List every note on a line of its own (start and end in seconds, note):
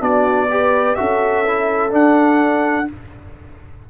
0.00 0.96 B3
0.00 0.48 D4
0.00 0.49 F#4
0.00 0.96 D5
0.50 0.97 G4
0.50 0.99 B4
0.96 1.92 C#4
0.96 1.45 F#4
0.96 2.89 A4
0.96 1.91 E5
1.47 1.90 E4
1.90 2.86 D4
1.90 2.88 D4
1.90 2.90 F#5